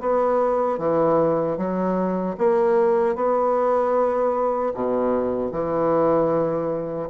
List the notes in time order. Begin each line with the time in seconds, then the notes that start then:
0.00 B3
0.78 E3
1.57 F#3
2.38 A#3
3.15 B3
4.74 B2
5.52 E3